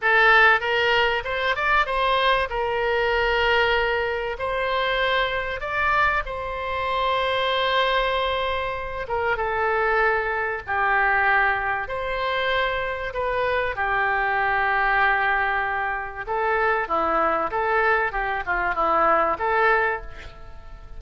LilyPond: \new Staff \with { instrumentName = "oboe" } { \time 4/4 \tempo 4 = 96 a'4 ais'4 c''8 d''8 c''4 | ais'2. c''4~ | c''4 d''4 c''2~ | c''2~ c''8 ais'8 a'4~ |
a'4 g'2 c''4~ | c''4 b'4 g'2~ | g'2 a'4 e'4 | a'4 g'8 f'8 e'4 a'4 | }